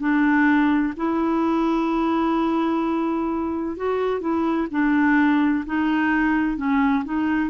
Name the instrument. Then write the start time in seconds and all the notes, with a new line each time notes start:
clarinet
0.00 D4
0.97 E4
3.77 F#4
4.21 E4
4.71 D4
5.66 D#4
6.57 C#4
7.05 D#4